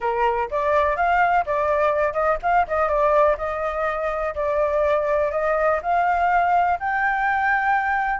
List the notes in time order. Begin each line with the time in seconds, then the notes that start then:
0.00 A#4
0.50 D5
0.96 F5
1.45 D5
2.13 D#5
2.42 F5
2.67 D#5
2.88 D5
3.37 D#5
4.34 D5
5.31 D#5
5.82 F5
6.79 G5